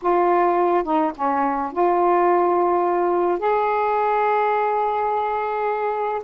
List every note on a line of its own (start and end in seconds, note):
0.02 0.83 F4
0.83 1.12 D#4
1.15 1.72 C#4
1.72 3.38 F4
3.38 6.21 G#4